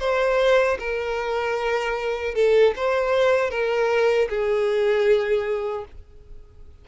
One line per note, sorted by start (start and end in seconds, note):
0.00 0.78 C5
0.79 2.35 A#4
2.35 2.74 A4
2.77 3.51 C5
3.51 4.29 A#4
4.29 5.85 G#4